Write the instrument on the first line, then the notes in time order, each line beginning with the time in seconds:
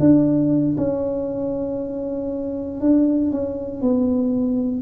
tuba
0.00 D4
0.78 C#4
2.81 D4
3.32 C#4
3.82 B3